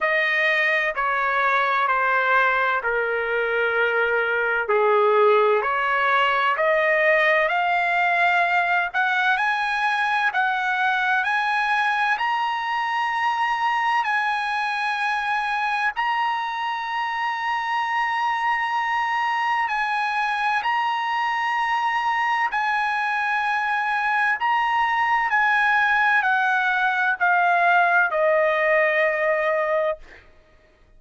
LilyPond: \new Staff \with { instrumentName = "trumpet" } { \time 4/4 \tempo 4 = 64 dis''4 cis''4 c''4 ais'4~ | ais'4 gis'4 cis''4 dis''4 | f''4. fis''8 gis''4 fis''4 | gis''4 ais''2 gis''4~ |
gis''4 ais''2.~ | ais''4 gis''4 ais''2 | gis''2 ais''4 gis''4 | fis''4 f''4 dis''2 | }